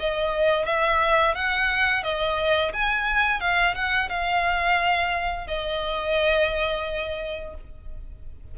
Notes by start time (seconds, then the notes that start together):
0.00 D#5
0.66 E5
1.35 F#5
2.04 D#5
2.74 G#5
3.41 F5
3.75 F#5
4.10 F5
5.48 D#5